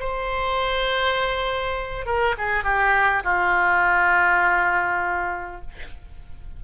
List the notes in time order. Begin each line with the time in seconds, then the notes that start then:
0.00 C5
2.06 A#4
2.38 G#4
2.64 G4
3.24 F4